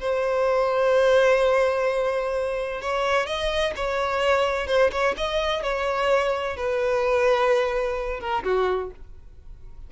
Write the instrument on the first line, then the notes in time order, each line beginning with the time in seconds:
violin
0.00 C5
2.81 C#5
3.26 D#5
3.76 C#5
4.67 C5
4.92 C#5
5.17 D#5
5.62 C#5
6.56 B4
8.20 A#4
8.44 F#4